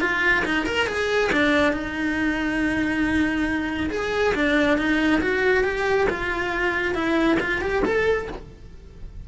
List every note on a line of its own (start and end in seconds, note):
0.00 0.43 F4
0.45 0.65 D#4
0.65 0.87 A#4
0.87 1.30 G#4
1.32 1.72 D4
1.72 3.89 D#4
3.90 4.33 G#4
4.34 4.77 D4
4.77 5.21 D#4
5.21 5.63 F#4
5.63 6.07 G4
6.09 6.94 F4
6.94 7.38 E4
7.39 7.61 F4
7.61 7.83 G4
7.84 8.28 A4